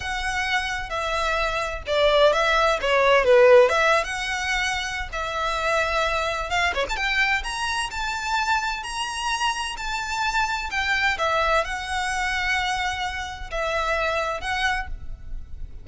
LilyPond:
\new Staff \with { instrumentName = "violin" } { \time 4/4 \tempo 4 = 129 fis''2 e''2 | d''4 e''4 cis''4 b'4 | e''8. fis''2~ fis''16 e''4~ | e''2 f''8 cis''16 a''16 g''4 |
ais''4 a''2 ais''4~ | ais''4 a''2 g''4 | e''4 fis''2.~ | fis''4 e''2 fis''4 | }